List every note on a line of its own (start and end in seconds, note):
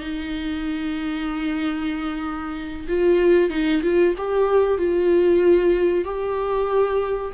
0.00 2.87 D#4
2.89 3.50 F4
3.50 3.82 D#4
3.83 4.15 F4
4.18 4.78 G4
4.78 6.05 F4
6.05 7.33 G4